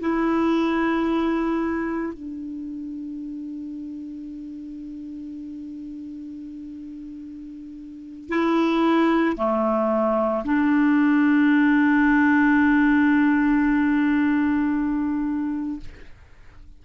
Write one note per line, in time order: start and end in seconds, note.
0.00 2.13 E4
2.13 8.29 D4
8.29 9.36 E4
9.36 10.43 A3
10.44 15.80 D4